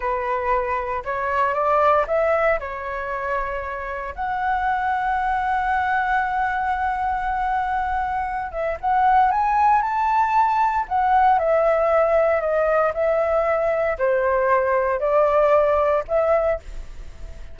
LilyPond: \new Staff \with { instrumentName = "flute" } { \time 4/4 \tempo 4 = 116 b'2 cis''4 d''4 | e''4 cis''2. | fis''1~ | fis''1~ |
fis''8 e''8 fis''4 gis''4 a''4~ | a''4 fis''4 e''2 | dis''4 e''2 c''4~ | c''4 d''2 e''4 | }